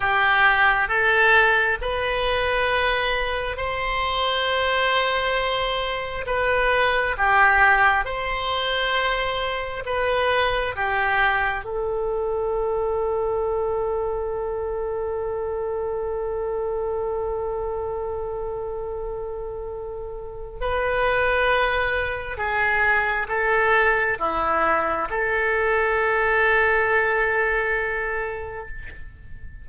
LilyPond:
\new Staff \with { instrumentName = "oboe" } { \time 4/4 \tempo 4 = 67 g'4 a'4 b'2 | c''2. b'4 | g'4 c''2 b'4 | g'4 a'2.~ |
a'1~ | a'2. b'4~ | b'4 gis'4 a'4 e'4 | a'1 | }